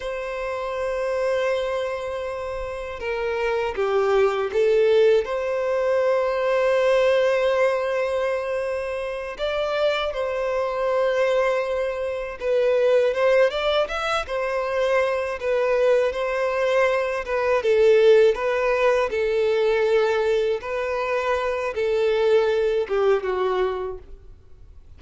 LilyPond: \new Staff \with { instrumentName = "violin" } { \time 4/4 \tempo 4 = 80 c''1 | ais'4 g'4 a'4 c''4~ | c''1~ | c''8 d''4 c''2~ c''8~ |
c''8 b'4 c''8 d''8 e''8 c''4~ | c''8 b'4 c''4. b'8 a'8~ | a'8 b'4 a'2 b'8~ | b'4 a'4. g'8 fis'4 | }